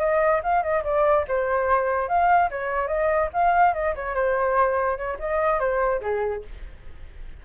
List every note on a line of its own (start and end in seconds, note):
0.00 0.41 D#5
0.43 0.63 F5
0.63 0.84 D#5
0.84 1.25 D5
1.28 2.09 C5
2.09 2.50 F5
2.51 2.88 C#5
2.88 3.29 D#5
3.33 3.74 F5
3.74 3.94 D#5
3.95 4.15 C#5
4.15 4.97 C5
4.97 5.18 C#5
5.19 5.60 D#5
5.60 6.01 C5
6.01 6.43 G#4